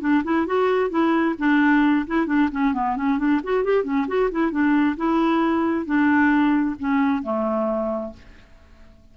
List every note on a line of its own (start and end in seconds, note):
0.00 0.23 D4
0.24 0.46 E4
0.46 0.90 F#4
0.90 1.35 E4
1.38 2.06 D4
2.06 2.26 E4
2.26 2.49 D4
2.51 2.74 C#4
2.74 2.96 B3
2.96 3.18 C#4
3.18 3.40 D4
3.43 3.64 F#4
3.64 3.84 G4
3.84 4.06 C#4
4.07 4.30 F#4
4.31 4.51 E4
4.51 4.96 D4
4.96 5.85 E4
5.85 6.75 D4
6.79 7.22 C#4
7.22 8.13 A3